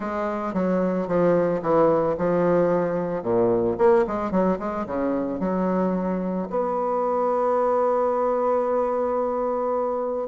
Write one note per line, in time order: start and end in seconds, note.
0.00 0.53 G#3
0.53 1.07 F#3
1.07 1.61 F3
1.62 2.16 E3
2.17 3.22 F3
3.22 3.76 A#2
3.78 4.05 A#3
4.07 4.31 G#3
4.31 4.58 F#3
4.59 4.86 G#3
4.86 5.39 C#3
5.39 6.47 F#3
6.50 10.28 B3